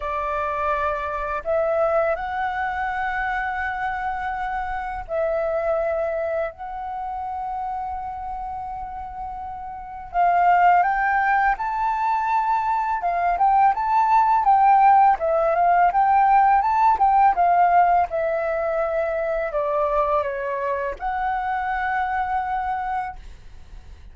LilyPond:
\new Staff \with { instrumentName = "flute" } { \time 4/4 \tempo 4 = 83 d''2 e''4 fis''4~ | fis''2. e''4~ | e''4 fis''2.~ | fis''2 f''4 g''4 |
a''2 f''8 g''8 a''4 | g''4 e''8 f''8 g''4 a''8 g''8 | f''4 e''2 d''4 | cis''4 fis''2. | }